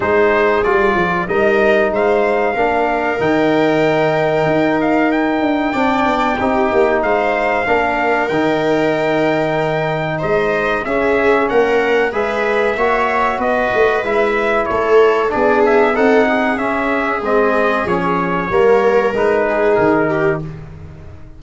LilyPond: <<
  \new Staff \with { instrumentName = "trumpet" } { \time 4/4 \tempo 4 = 94 c''4 d''4 dis''4 f''4~ | f''4 g''2~ g''8 f''8 | g''2. f''4~ | f''4 g''2. |
dis''4 e''4 fis''4 e''4~ | e''4 dis''4 e''4 cis''4 | d''8 e''8 fis''4 e''4 dis''4 | cis''2 b'4 ais'4 | }
  \new Staff \with { instrumentName = "viola" } { \time 4/4 gis'2 ais'4 c''4 | ais'1~ | ais'4 d''4 g'4 c''4 | ais'1 |
c''4 gis'4 ais'4 b'4 | cis''4 b'2 a'4 | gis'4 a'8 gis'2~ gis'8~ | gis'4 ais'4. gis'4 g'8 | }
  \new Staff \with { instrumentName = "trombone" } { \time 4/4 dis'4 f'4 dis'2 | d'4 dis'2.~ | dis'4 d'4 dis'2 | d'4 dis'2.~ |
dis'4 cis'2 gis'4 | fis'2 e'2 | d'4 dis'4 cis'4 c'4 | cis'4 ais4 dis'2 | }
  \new Staff \with { instrumentName = "tuba" } { \time 4/4 gis4 g8 f8 g4 gis4 | ais4 dis2 dis'4~ | dis'8 d'8 c'8 b8 c'8 ais8 gis4 | ais4 dis2. |
gis4 cis'4 ais4 gis4 | ais4 b8 a8 gis4 a4 | b4 c'4 cis'4 gis4 | f4 g4 gis4 dis4 | }
>>